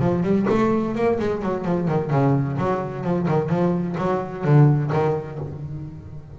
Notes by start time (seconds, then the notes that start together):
0.00 F3
0.23 G3
0.50 A3
0.95 A#3
1.20 G#3
1.42 F#3
1.65 F3
1.88 D#3
2.11 C#3
2.58 F#3
3.04 F3
3.28 D#3
3.49 F3
3.98 F#3
4.45 D3
4.93 D#3